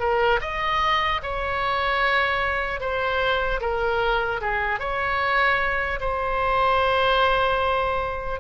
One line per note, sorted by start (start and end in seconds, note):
0.00 0.40 A#4
0.41 1.21 D#5
1.23 2.81 C#5
2.81 3.61 C5
3.61 4.41 A#4
4.41 4.80 G#4
4.80 6.00 C#5
6.01 8.41 C5